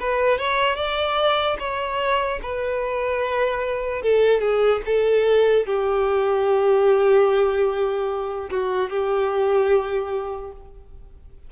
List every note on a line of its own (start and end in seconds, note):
0.00 0.38 B4
0.38 0.76 C#5
0.76 1.57 D5
1.59 2.40 C#5
2.43 4.02 B4
4.02 4.41 A4
4.41 4.81 G#4
4.86 5.66 A4
5.66 8.50 G4
8.50 8.90 F#4
8.90 10.52 G4